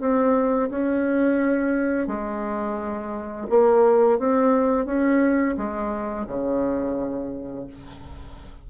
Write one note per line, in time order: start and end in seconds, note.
0.00 0.70 C4
0.70 2.07 C#4
2.07 3.47 G#3
3.50 4.19 A#3
4.19 4.86 C4
4.86 5.56 C#4
5.58 6.27 G#3
6.27 7.67 C#3